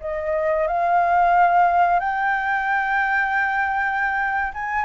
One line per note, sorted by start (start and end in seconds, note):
0.00 0.67 D#5
0.67 1.99 F5
1.99 4.52 G5
4.54 4.85 G#5